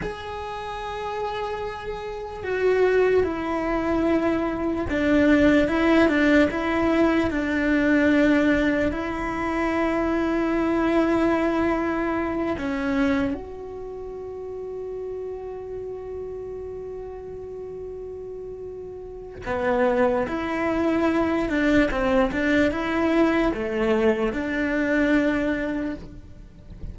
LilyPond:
\new Staff \with { instrumentName = "cello" } { \time 4/4 \tempo 4 = 74 gis'2. fis'4 | e'2 d'4 e'8 d'8 | e'4 d'2 e'4~ | e'2.~ e'8 cis'8~ |
cis'8 fis'2.~ fis'8~ | fis'1 | b4 e'4. d'8 c'8 d'8 | e'4 a4 d'2 | }